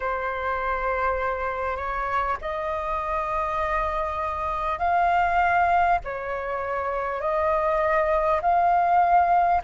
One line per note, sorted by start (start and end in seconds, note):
0.00 1.76 C5
1.76 2.36 C#5
2.41 4.78 D#5
4.78 5.98 F5
6.04 7.20 C#5
7.20 8.40 D#5
8.41 9.61 F5